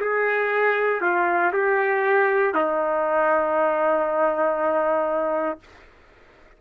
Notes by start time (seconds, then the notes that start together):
0.00 G#4
1.01 F4
1.53 G4
2.54 D#4